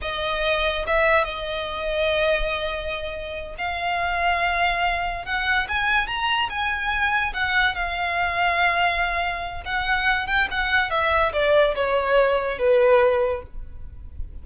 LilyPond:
\new Staff \with { instrumentName = "violin" } { \time 4/4 \tempo 4 = 143 dis''2 e''4 dis''4~ | dis''1~ | dis''8 f''2.~ f''8~ | f''8 fis''4 gis''4 ais''4 gis''8~ |
gis''4. fis''4 f''4.~ | f''2. fis''4~ | fis''8 g''8 fis''4 e''4 d''4 | cis''2 b'2 | }